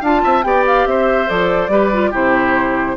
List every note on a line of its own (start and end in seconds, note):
0.00 0.23 D4
0.00 0.44 F4
0.00 0.21 F5
0.00 0.43 A5
0.23 0.43 C4
0.23 0.44 E5
0.43 0.86 B3
0.43 1.27 G4
0.43 0.89 D5
0.43 0.64 G5
0.66 0.87 F5
0.86 1.28 C4
0.86 1.71 C5
0.86 1.29 E5
1.27 1.68 F3
1.27 1.69 A4
1.27 2.13 D5
1.68 2.10 G3
1.68 1.91 G4
1.68 2.10 B4
1.92 2.12 F4
2.10 2.97 C3
2.10 2.97 E4
2.10 2.95 G4
2.10 2.97 C5